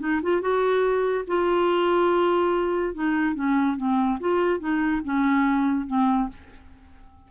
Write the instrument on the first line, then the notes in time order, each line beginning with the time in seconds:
clarinet
0.00 D#4
0.23 F4
0.41 F#4
1.28 F4
2.95 D#4
3.35 C#4
3.77 C4
4.20 F4
4.60 D#4
5.05 C#4
5.87 C4